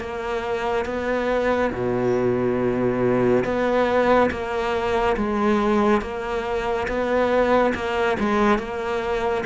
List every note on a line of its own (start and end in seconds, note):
0.00 0.86 A#3
0.86 1.71 B3
1.73 3.44 B2
3.45 4.31 B3
4.31 5.16 A#3
5.17 6.02 G#3
6.02 6.87 A#3
6.88 7.74 B3
7.75 8.17 A#3
8.19 8.59 G#3
8.59 9.44 A#3